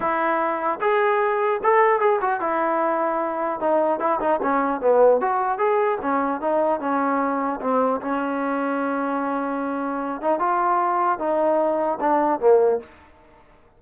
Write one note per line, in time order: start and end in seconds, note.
0.00 0.79 E4
0.81 1.61 G#4
1.63 1.99 A4
1.99 2.19 G#4
2.21 2.40 F#4
2.40 3.59 E4
3.59 3.99 D#4
3.99 4.19 E4
4.20 4.40 D#4
4.42 4.81 C#4
4.81 5.21 B3
5.21 5.58 F#4
5.58 5.98 G#4
6.01 6.40 C#4
6.40 6.79 D#4
6.79 7.59 C#4
7.60 8.00 C4
8.01 10.21 C#4
10.21 10.39 D#4
10.39 11.18 F4
11.18 11.98 D#4
12.00 12.40 D4
12.40 12.80 A#3